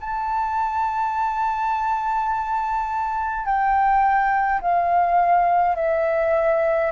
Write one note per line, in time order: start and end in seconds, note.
0.00 3.46 A5
3.46 4.61 G5
4.61 5.76 F5
5.76 6.91 E5